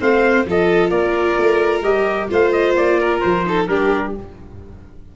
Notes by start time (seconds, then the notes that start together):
0.00 A3 C4 C5 F5
0.46 F3 F4 A4 D#5
0.91 A#3 A#4 D5
1.38 A3
1.82 G3 G4 D#5
2.29 A3 F4 C5 F5
2.52 D#5
2.76 A#3 D5
3.00 A#4
3.21 F3 C5
3.46 D#4 A4
3.68 G3 D4 G4 A#4